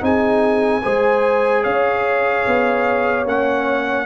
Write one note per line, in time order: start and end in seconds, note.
0.00 0.83 C4
0.00 0.81 D#4
0.00 0.82 G#4
0.00 1.63 G#5
0.82 1.65 G#3
0.82 3.25 G#4
0.82 1.63 C5
1.63 2.46 C#4
1.63 4.05 C#5
1.63 3.26 F5
2.46 3.25 B3
3.25 4.05 A#3
3.25 4.05 C#4
3.25 4.05 F#5